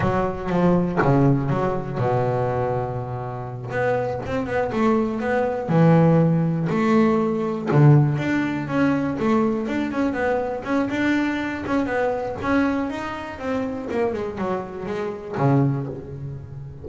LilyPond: \new Staff \with { instrumentName = "double bass" } { \time 4/4 \tempo 4 = 121 fis4 f4 cis4 fis4 | b,2.~ b,8 b8~ | b8 c'8 b8 a4 b4 e8~ | e4. a2 d8~ |
d8 d'4 cis'4 a4 d'8 | cis'8 b4 cis'8 d'4. cis'8 | b4 cis'4 dis'4 c'4 | ais8 gis8 fis4 gis4 cis4 | }